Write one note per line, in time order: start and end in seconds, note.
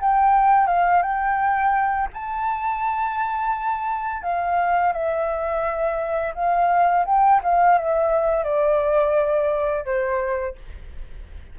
0.00 0.67 G5
0.67 1.02 F5
1.02 2.08 G5
2.13 4.23 A5
4.23 4.93 F5
4.93 6.34 E5
6.35 7.05 F5
7.06 7.41 G5
7.43 7.78 F5
7.78 8.44 E5
8.44 9.85 D5
9.85 10.56 C5